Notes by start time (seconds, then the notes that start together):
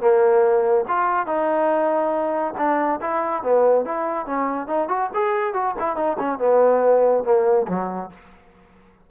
0.00 A#3
0.88 F4
1.26 D#4
2.57 D4
3.01 E4
3.43 B3
3.85 E4
4.26 C#4
4.67 D#4
4.88 F#4
5.14 G#4
5.53 F#4
5.79 E4
5.96 D#4
6.19 C#4
6.38 B3
7.24 A#3
7.68 F#3